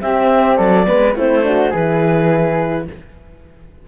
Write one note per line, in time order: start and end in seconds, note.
0.00 0.86 C4
0.00 0.59 C4
0.00 0.57 G4
0.00 0.56 E5
0.56 0.87 F#3
0.56 0.86 A4
0.56 1.13 D5
0.86 1.16 G#3
0.86 1.14 B3
0.86 1.16 B4
1.16 1.73 A3
1.16 1.43 C4
1.16 1.44 E4
1.16 1.74 C5
1.43 1.72 D4
1.43 1.70 F#4
1.70 2.88 E3
1.70 2.87 E4
1.70 2.85 G#4
1.70 2.88 B4